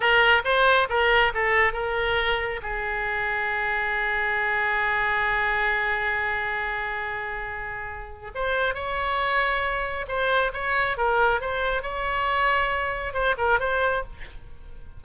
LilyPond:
\new Staff \with { instrumentName = "oboe" } { \time 4/4 \tempo 4 = 137 ais'4 c''4 ais'4 a'4 | ais'2 gis'2~ | gis'1~ | gis'1~ |
gis'2. c''4 | cis''2. c''4 | cis''4 ais'4 c''4 cis''4~ | cis''2 c''8 ais'8 c''4 | }